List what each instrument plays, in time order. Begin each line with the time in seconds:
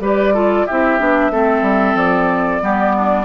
0.00 bassoon G3, clarinet G4, oboe B4, flute D5
0.34 clarinet F4, oboe A4
0.67 bassoon C4, clarinet E4, oboe G4, flute E5
0.99 bassoon B3, clarinet D4
1.31 bassoon A3, clarinet C4, oboe A4
1.62 bassoon G3
1.95 bassoon F3, flute D5
2.61 bassoon G3, clarinet B3, oboe G4
2.96 oboe D4